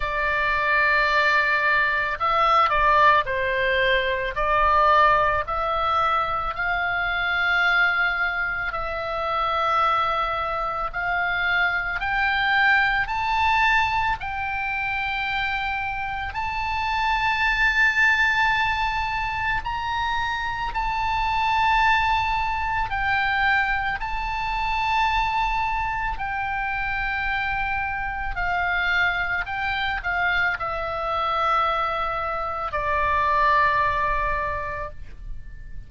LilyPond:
\new Staff \with { instrumentName = "oboe" } { \time 4/4 \tempo 4 = 55 d''2 e''8 d''8 c''4 | d''4 e''4 f''2 | e''2 f''4 g''4 | a''4 g''2 a''4~ |
a''2 ais''4 a''4~ | a''4 g''4 a''2 | g''2 f''4 g''8 f''8 | e''2 d''2 | }